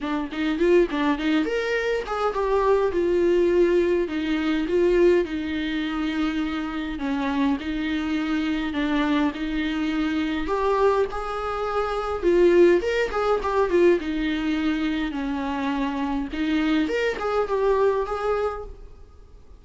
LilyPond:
\new Staff \with { instrumentName = "viola" } { \time 4/4 \tempo 4 = 103 d'8 dis'8 f'8 d'8 dis'8 ais'4 gis'8 | g'4 f'2 dis'4 | f'4 dis'2. | cis'4 dis'2 d'4 |
dis'2 g'4 gis'4~ | gis'4 f'4 ais'8 gis'8 g'8 f'8 | dis'2 cis'2 | dis'4 ais'8 gis'8 g'4 gis'4 | }